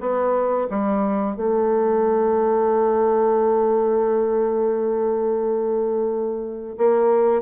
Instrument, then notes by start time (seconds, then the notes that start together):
bassoon
0.00 B3
0.70 G3
1.36 A3
6.77 A#3